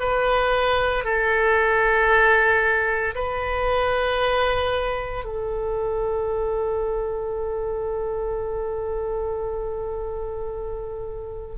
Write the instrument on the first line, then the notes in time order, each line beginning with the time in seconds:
oboe
0.00 B4
1.04 A4
3.15 B4
5.25 A4